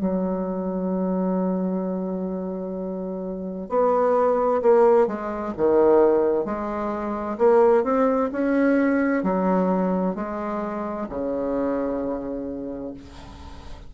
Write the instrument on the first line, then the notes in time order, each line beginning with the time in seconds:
bassoon
0.00 F#3
3.69 B3
4.62 A#3
5.07 G#3
5.57 D#3
6.45 G#3
7.38 A#3
7.84 C4
8.32 C#4
9.23 F#3
10.15 G#3
11.09 C#3